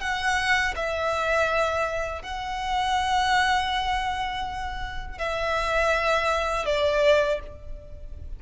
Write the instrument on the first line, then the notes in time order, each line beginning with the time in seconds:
violin
0.00 F#5
0.75 E5
2.22 F#5
5.18 E5
6.65 D5